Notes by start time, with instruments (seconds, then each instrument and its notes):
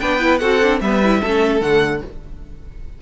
0.00 cello B3, viola D4, violin B4 G5
0.20 viola E4
0.38 cello C4, viola F#4, violin A4 F#5
0.62 viola D4
0.81 cello G3, viola B3, violin B4 E5
1.04 viola E4
1.21 cello A3, viola C#4, violin A4
1.61 cello D3, viola A3, violin F#5